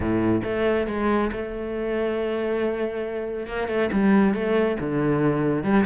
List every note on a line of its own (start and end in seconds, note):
0.00 0.42 A2
0.43 0.87 A3
0.87 1.30 G#3
1.32 3.47 A3
3.47 3.68 A#3
3.68 3.89 A3
3.92 4.34 G3
4.34 4.77 A3
4.79 5.63 D3
5.63 5.85 G3